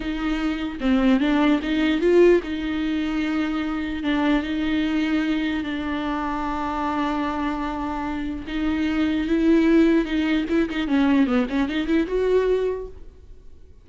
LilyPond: \new Staff \with { instrumentName = "viola" } { \time 4/4 \tempo 4 = 149 dis'2 c'4 d'4 | dis'4 f'4 dis'2~ | dis'2 d'4 dis'4~ | dis'2 d'2~ |
d'1~ | d'4 dis'2 e'4~ | e'4 dis'4 e'8 dis'8 cis'4 | b8 cis'8 dis'8 e'8 fis'2 | }